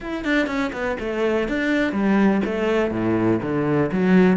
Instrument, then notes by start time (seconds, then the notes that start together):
cello
0.00 E4
0.24 D4
0.46 C#4
0.73 B3
0.99 A3
1.48 D4
1.92 G3
2.44 A3
2.91 A2
3.42 D3
3.92 F#3